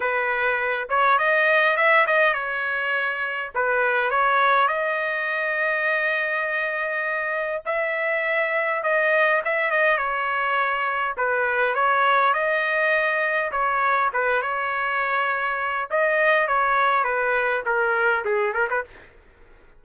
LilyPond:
\new Staff \with { instrumentName = "trumpet" } { \time 4/4 \tempo 4 = 102 b'4. cis''8 dis''4 e''8 dis''8 | cis''2 b'4 cis''4 | dis''1~ | dis''4 e''2 dis''4 |
e''8 dis''8 cis''2 b'4 | cis''4 dis''2 cis''4 | b'8 cis''2~ cis''8 dis''4 | cis''4 b'4 ais'4 gis'8 ais'16 b'16 | }